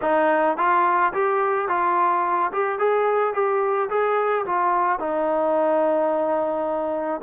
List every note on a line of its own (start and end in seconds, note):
0.01 0.57 D#4
0.57 1.12 F4
1.13 1.68 G4
1.68 2.51 F4
2.52 2.78 G4
2.78 3.33 G#4
3.33 3.89 G4
3.89 4.45 G#4
4.45 4.99 F4
4.99 7.21 D#4